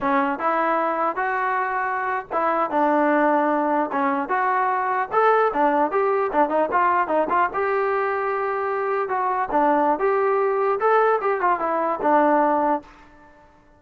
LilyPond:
\new Staff \with { instrumentName = "trombone" } { \time 4/4 \tempo 4 = 150 cis'4 e'2 fis'4~ | fis'4.~ fis'16 e'4 d'4~ d'16~ | d'4.~ d'16 cis'4 fis'4~ fis'16~ | fis'8. a'4 d'4 g'4 d'16~ |
d'16 dis'8 f'4 dis'8 f'8 g'4~ g'16~ | g'2~ g'8. fis'4 d'16~ | d'4 g'2 a'4 | g'8 f'8 e'4 d'2 | }